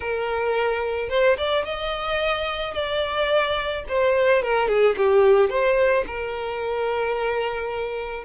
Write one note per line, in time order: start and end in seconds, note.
0.00 1.09 A#4
1.09 1.36 C5
1.37 1.64 D5
1.64 2.73 D#5
2.73 3.84 D5
3.88 4.42 C5
4.42 4.68 A#4
4.68 4.95 G#4
4.96 5.49 G4
5.49 6.04 C5
6.07 8.24 A#4